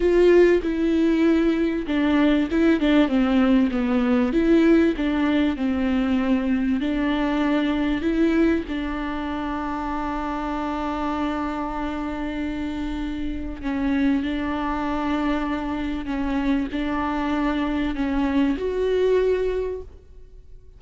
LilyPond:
\new Staff \with { instrumentName = "viola" } { \time 4/4 \tempo 4 = 97 f'4 e'2 d'4 | e'8 d'8 c'4 b4 e'4 | d'4 c'2 d'4~ | d'4 e'4 d'2~ |
d'1~ | d'2 cis'4 d'4~ | d'2 cis'4 d'4~ | d'4 cis'4 fis'2 | }